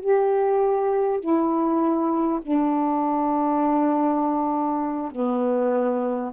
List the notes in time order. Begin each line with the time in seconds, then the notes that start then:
0.00 G4
1.21 E4
2.42 D4
5.12 B3